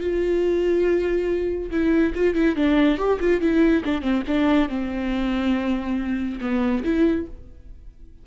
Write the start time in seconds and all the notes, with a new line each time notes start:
0.00 F4
1.70 E4
2.14 F4
2.34 E4
2.55 D4
2.98 G4
3.20 F4
3.40 E4
3.85 D4
4.01 C4
4.27 D4
4.68 C4
6.40 B3
6.84 E4